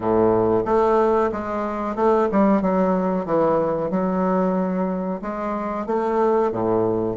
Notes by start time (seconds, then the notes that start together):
0.00 A2
0.65 A3
1.32 G#3
1.95 A3
2.32 G3
2.61 F#3
3.25 E3
3.90 F#3
5.21 G#3
5.86 A3
6.51 A2